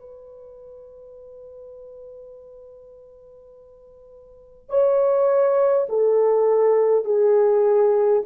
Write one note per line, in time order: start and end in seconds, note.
0.00 4.69 B4
4.69 5.87 C#5
5.89 7.05 A4
7.05 8.22 G#4